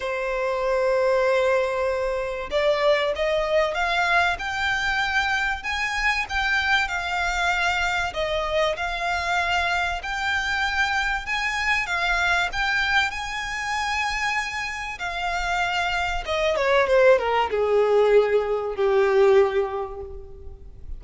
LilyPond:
\new Staff \with { instrumentName = "violin" } { \time 4/4 \tempo 4 = 96 c''1 | d''4 dis''4 f''4 g''4~ | g''4 gis''4 g''4 f''4~ | f''4 dis''4 f''2 |
g''2 gis''4 f''4 | g''4 gis''2. | f''2 dis''8 cis''8 c''8 ais'8 | gis'2 g'2 | }